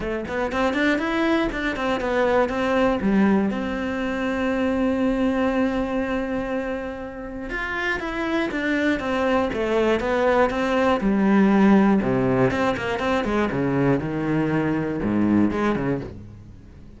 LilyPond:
\new Staff \with { instrumentName = "cello" } { \time 4/4 \tempo 4 = 120 a8 b8 c'8 d'8 e'4 d'8 c'8 | b4 c'4 g4 c'4~ | c'1~ | c'2. f'4 |
e'4 d'4 c'4 a4 | b4 c'4 g2 | c4 c'8 ais8 c'8 gis8 cis4 | dis2 gis,4 gis8 cis8 | }